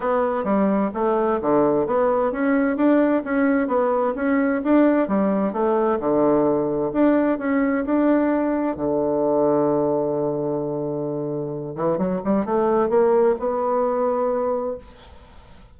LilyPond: \new Staff \with { instrumentName = "bassoon" } { \time 4/4 \tempo 4 = 130 b4 g4 a4 d4 | b4 cis'4 d'4 cis'4 | b4 cis'4 d'4 g4 | a4 d2 d'4 |
cis'4 d'2 d4~ | d1~ | d4. e8 fis8 g8 a4 | ais4 b2. | }